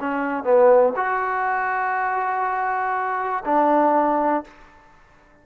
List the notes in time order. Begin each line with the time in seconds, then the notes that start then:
0.00 C#4
0.44 B3
0.96 F#4
3.45 D4